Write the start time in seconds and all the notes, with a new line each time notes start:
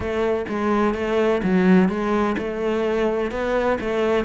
0.00 A3
0.48 G#3
0.94 A3
1.43 F#3
1.88 G#3
2.38 A3
3.31 B3
3.80 A3